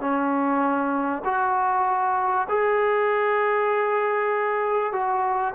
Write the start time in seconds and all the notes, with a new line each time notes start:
0.00 C#4
1.25 F#4
2.49 G#4
4.92 F#4